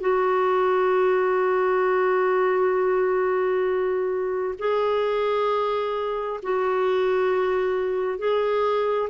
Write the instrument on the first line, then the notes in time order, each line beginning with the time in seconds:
clarinet
0.00 F#4
4.58 G#4
6.43 F#4
8.19 G#4